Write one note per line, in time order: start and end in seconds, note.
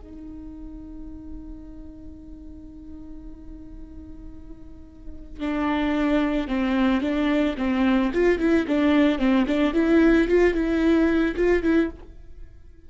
0.00 5.40 D#4
5.40 6.47 D4
6.47 7.01 C4
7.01 7.55 D4
7.57 8.11 C4
8.13 8.39 F4
8.39 8.66 E4
8.67 9.18 D4
9.18 9.45 C4
9.47 9.73 D4
9.73 10.28 E4
10.28 10.54 F4
10.54 11.35 E4
11.36 11.62 F4
11.62 11.89 E4